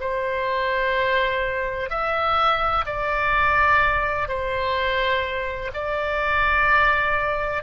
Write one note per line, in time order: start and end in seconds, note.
0.00 1.90 C5
1.90 2.85 E5
2.86 4.28 D5
4.28 5.71 C5
5.74 7.63 D5